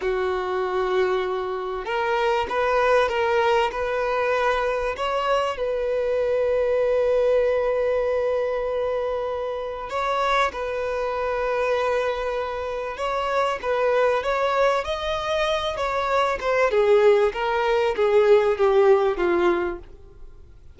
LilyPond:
\new Staff \with { instrumentName = "violin" } { \time 4/4 \tempo 4 = 97 fis'2. ais'4 | b'4 ais'4 b'2 | cis''4 b'2.~ | b'1 |
cis''4 b'2.~ | b'4 cis''4 b'4 cis''4 | dis''4. cis''4 c''8 gis'4 | ais'4 gis'4 g'4 f'4 | }